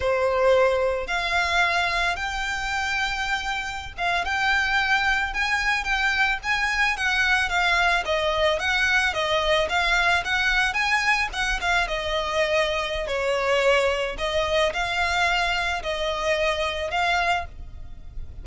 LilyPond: \new Staff \with { instrumentName = "violin" } { \time 4/4 \tempo 4 = 110 c''2 f''2 | g''2.~ g''16 f''8 g''16~ | g''4.~ g''16 gis''4 g''4 gis''16~ | gis''8. fis''4 f''4 dis''4 fis''16~ |
fis''8. dis''4 f''4 fis''4 gis''16~ | gis''8. fis''8 f''8 dis''2~ dis''16 | cis''2 dis''4 f''4~ | f''4 dis''2 f''4 | }